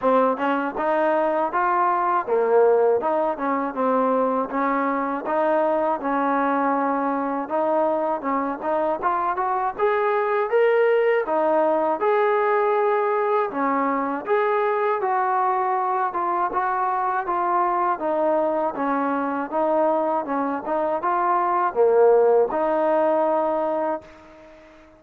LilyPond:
\new Staff \with { instrumentName = "trombone" } { \time 4/4 \tempo 4 = 80 c'8 cis'8 dis'4 f'4 ais4 | dis'8 cis'8 c'4 cis'4 dis'4 | cis'2 dis'4 cis'8 dis'8 | f'8 fis'8 gis'4 ais'4 dis'4 |
gis'2 cis'4 gis'4 | fis'4. f'8 fis'4 f'4 | dis'4 cis'4 dis'4 cis'8 dis'8 | f'4 ais4 dis'2 | }